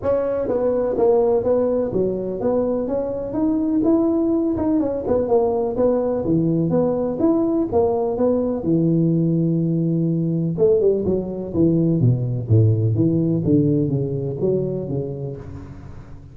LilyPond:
\new Staff \with { instrumentName = "tuba" } { \time 4/4 \tempo 4 = 125 cis'4 b4 ais4 b4 | fis4 b4 cis'4 dis'4 | e'4. dis'8 cis'8 b8 ais4 | b4 e4 b4 e'4 |
ais4 b4 e2~ | e2 a8 g8 fis4 | e4 b,4 a,4 e4 | d4 cis4 fis4 cis4 | }